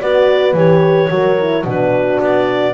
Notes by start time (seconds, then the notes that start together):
0.00 B3 F#4 B4 D5
0.54 E3 G4 C#5
1.10 F#3 F#4 A#4
1.39 E4
1.64 B2 D4 F#4 B4
2.20 B3 D5